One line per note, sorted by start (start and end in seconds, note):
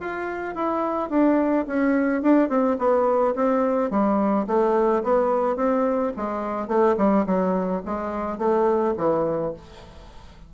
0.00 0.55 F4
0.55 1.10 E4
1.10 1.66 D4
1.67 2.22 C#4
2.22 2.49 D4
2.49 2.77 C4
2.78 3.34 B3
3.35 3.90 C4
3.90 4.46 G3
4.47 5.03 A3
5.03 5.56 B3
5.56 6.12 C4
6.16 6.67 G#3
6.67 6.95 A3
6.97 7.25 G3
7.26 7.82 F#3
7.85 8.38 G#3
8.38 8.94 A3
8.97 9.53 E3